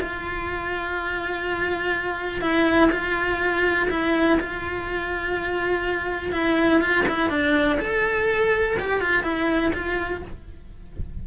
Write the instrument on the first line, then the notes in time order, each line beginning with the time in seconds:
cello
0.00 F4
2.41 E4
2.91 F4
3.90 E4
4.40 F4
6.32 E4
6.81 F4
7.08 E4
7.30 D4
7.80 A4
8.79 G4
9.01 F4
9.23 E4
9.74 F4